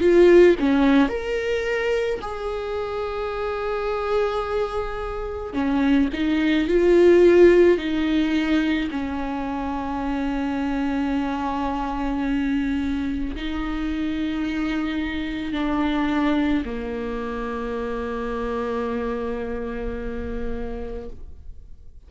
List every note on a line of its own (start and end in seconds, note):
0.00 0.56 F4
0.59 1.08 C#4
1.08 2.19 A#4
2.21 5.53 G#4
5.53 6.09 C#4
6.13 6.67 D#4
6.67 7.77 F4
7.77 8.88 D#4
8.90 13.35 C#4
13.35 15.52 D#4
15.52 16.63 D4
16.65 21.09 A#3